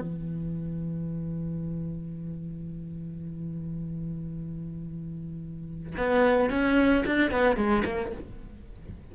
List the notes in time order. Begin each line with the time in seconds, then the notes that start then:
0.00 E3
5.97 B3
6.50 C#4
7.05 D4
7.30 B3
7.56 G#3
7.85 A#3